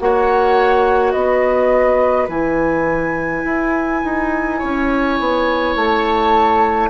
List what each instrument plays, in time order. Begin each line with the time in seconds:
0.00 bassoon A#3, clarinet F#4, oboe C#5, flute F#5
1.12 bassoon B3, oboe B4, flute D#5
2.29 bassoon E3, clarinet E4, flute G#5
3.45 bassoon E4
4.05 bassoon D#4
4.59 bassoon C#4, oboe C#5
5.20 bassoon B3
5.76 bassoon A3, flute A5